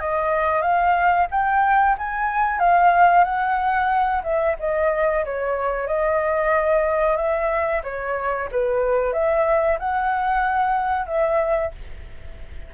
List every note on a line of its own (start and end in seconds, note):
0.00 0.62 D#5
0.62 1.27 F5
1.31 1.97 G5
1.98 2.60 G#5
2.60 3.24 F5
3.24 4.22 F#5
4.23 4.56 E5
4.60 5.25 D#5
5.25 5.87 C#5
5.87 7.17 D#5
7.17 7.82 E5
7.84 8.49 C#5
8.52 9.13 B4
9.13 9.79 E5
9.79 11.06 F#5
11.06 11.71 E5